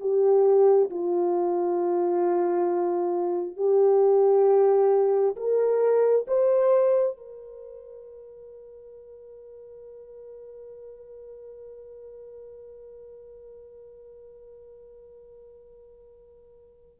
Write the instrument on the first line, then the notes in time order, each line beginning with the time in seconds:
horn
0.00 G4
0.90 F4
3.56 G4
5.36 A#4
6.27 C5
7.16 A#4